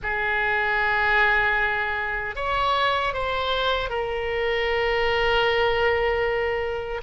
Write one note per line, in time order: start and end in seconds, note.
0.02 2.35 G#4
2.35 3.13 C#5
3.13 3.89 C5
3.89 7.01 A#4